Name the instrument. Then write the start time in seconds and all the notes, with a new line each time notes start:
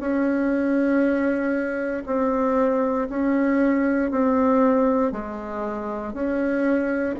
bassoon
0.00 C#4
2.07 C4
3.10 C#4
4.11 C4
5.12 G#3
6.14 C#4